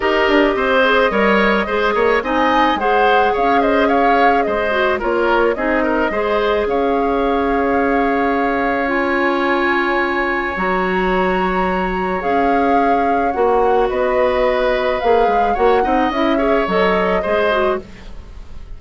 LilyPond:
<<
  \new Staff \with { instrumentName = "flute" } { \time 4/4 \tempo 4 = 108 dis''1 | gis''4 fis''4 f''8 dis''8 f''4 | dis''4 cis''4 dis''2 | f''1 |
gis''2. ais''4~ | ais''2 f''2 | fis''4 dis''2 f''4 | fis''4 e''4 dis''2 | }
  \new Staff \with { instrumentName = "oboe" } { \time 4/4 ais'4 c''4 cis''4 c''8 cis''8 | dis''4 c''4 cis''8 c''8 cis''4 | c''4 ais'4 gis'8 ais'8 c''4 | cis''1~ |
cis''1~ | cis''1~ | cis''4 b'2. | cis''8 dis''4 cis''4. c''4 | }
  \new Staff \with { instrumentName = "clarinet" } { \time 4/4 g'4. gis'8 ais'4 gis'4 | dis'4 gis'2.~ | gis'8 fis'8 f'4 dis'4 gis'4~ | gis'1 |
f'2. fis'4~ | fis'2 gis'2 | fis'2. gis'4 | fis'8 dis'8 e'8 gis'8 a'4 gis'8 fis'8 | }
  \new Staff \with { instrumentName = "bassoon" } { \time 4/4 dis'8 d'8 c'4 g4 gis8 ais8 | c'4 gis4 cis'2 | gis4 ais4 c'4 gis4 | cis'1~ |
cis'2. fis4~ | fis2 cis'2 | ais4 b2 ais8 gis8 | ais8 c'8 cis'4 fis4 gis4 | }
>>